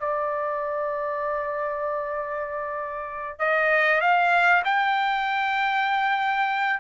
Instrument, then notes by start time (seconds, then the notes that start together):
trumpet
0.00 D5
3.39 D#5
4.01 F5
4.65 G5